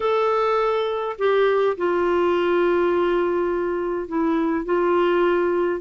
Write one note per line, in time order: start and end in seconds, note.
0.00 1.16 A4
1.18 1.76 G4
1.77 4.08 F4
4.08 4.65 E4
4.65 5.80 F4